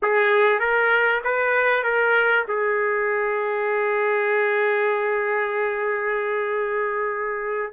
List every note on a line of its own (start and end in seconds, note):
0.02 0.59 G#4
0.59 1.21 A#4
1.24 1.83 B4
1.83 2.45 A#4
2.48 7.73 G#4